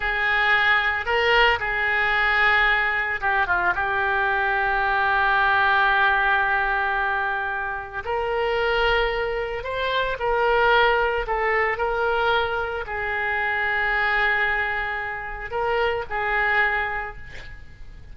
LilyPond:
\new Staff \with { instrumentName = "oboe" } { \time 4/4 \tempo 4 = 112 gis'2 ais'4 gis'4~ | gis'2 g'8 f'8 g'4~ | g'1~ | g'2. ais'4~ |
ais'2 c''4 ais'4~ | ais'4 a'4 ais'2 | gis'1~ | gis'4 ais'4 gis'2 | }